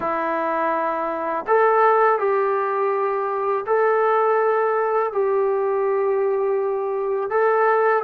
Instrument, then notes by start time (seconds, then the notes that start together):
trombone
0.00 E4
1.47 A4
2.18 G4
3.66 A4
5.12 G4
7.30 A4